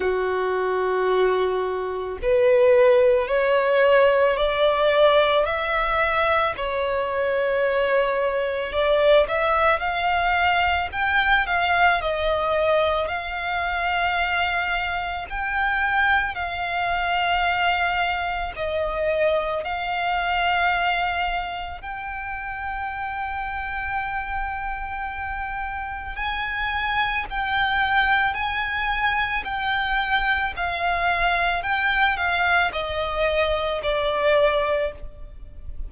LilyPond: \new Staff \with { instrumentName = "violin" } { \time 4/4 \tempo 4 = 55 fis'2 b'4 cis''4 | d''4 e''4 cis''2 | d''8 e''8 f''4 g''8 f''8 dis''4 | f''2 g''4 f''4~ |
f''4 dis''4 f''2 | g''1 | gis''4 g''4 gis''4 g''4 | f''4 g''8 f''8 dis''4 d''4 | }